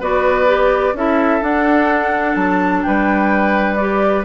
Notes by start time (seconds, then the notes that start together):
0.00 B3 F#4 B4 D5
0.46 G4
0.94 C#4 E4 A4 E5
1.41 D4 F#5
2.35 F#3 A5
2.82 G3 B4 G5
3.75 G4 D5